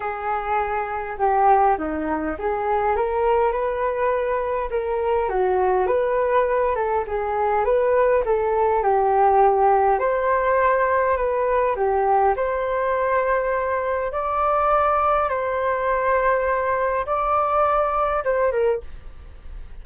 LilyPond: \new Staff \with { instrumentName = "flute" } { \time 4/4 \tempo 4 = 102 gis'2 g'4 dis'4 | gis'4 ais'4 b'2 | ais'4 fis'4 b'4. a'8 | gis'4 b'4 a'4 g'4~ |
g'4 c''2 b'4 | g'4 c''2. | d''2 c''2~ | c''4 d''2 c''8 ais'8 | }